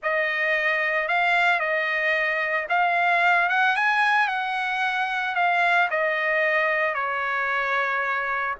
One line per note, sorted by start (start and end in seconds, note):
0.02 1.08 D#5
1.08 1.59 F5
1.59 2.66 D#5
2.69 3.49 F5
3.49 3.75 F#5
3.75 4.28 G#5
4.28 5.35 F#5
5.35 5.88 F5
5.90 6.94 D#5
6.94 8.54 C#5